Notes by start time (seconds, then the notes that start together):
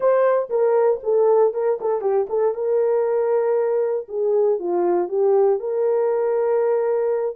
0.00 C5
0.49 A#4
1.03 A4
1.53 A#4
1.80 A4
2.01 G4
2.29 A4
2.54 A#4
4.08 G#4
4.59 F4
5.08 G4
5.59 A#4